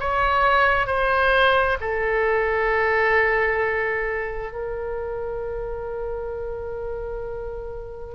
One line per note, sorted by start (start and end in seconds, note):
0.00 0.87 C#5
0.87 1.78 C5
1.81 4.52 A4
4.52 8.15 A#4